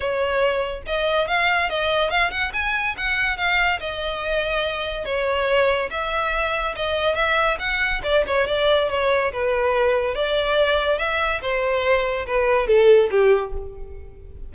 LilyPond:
\new Staff \with { instrumentName = "violin" } { \time 4/4 \tempo 4 = 142 cis''2 dis''4 f''4 | dis''4 f''8 fis''8 gis''4 fis''4 | f''4 dis''2. | cis''2 e''2 |
dis''4 e''4 fis''4 d''8 cis''8 | d''4 cis''4 b'2 | d''2 e''4 c''4~ | c''4 b'4 a'4 g'4 | }